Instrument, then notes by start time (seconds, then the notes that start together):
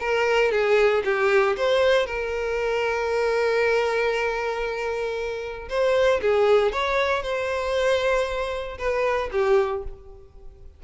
violin
0.00 A#4
0.52 G#4
1.05 G4
1.57 C5
2.07 A#4
5.69 C5
6.22 G#4
6.72 C#5
7.23 C5
8.78 B4
9.32 G4